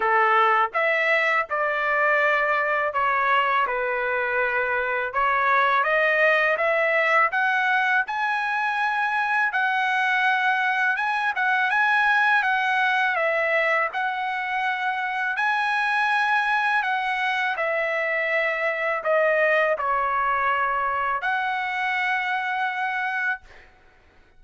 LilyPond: \new Staff \with { instrumentName = "trumpet" } { \time 4/4 \tempo 4 = 82 a'4 e''4 d''2 | cis''4 b'2 cis''4 | dis''4 e''4 fis''4 gis''4~ | gis''4 fis''2 gis''8 fis''8 |
gis''4 fis''4 e''4 fis''4~ | fis''4 gis''2 fis''4 | e''2 dis''4 cis''4~ | cis''4 fis''2. | }